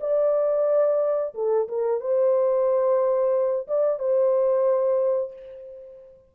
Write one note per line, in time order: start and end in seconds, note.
0.00 1.33 D5
1.34 1.68 A4
1.68 2.00 A#4
2.00 3.67 C5
3.67 3.99 D5
3.99 5.32 C5